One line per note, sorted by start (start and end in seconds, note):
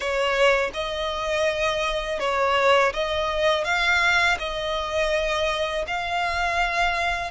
0.00 0.71 C#5
0.73 2.19 D#5
2.19 2.92 C#5
2.93 3.64 D#5
3.64 4.37 F5
4.38 5.85 D#5
5.87 7.30 F5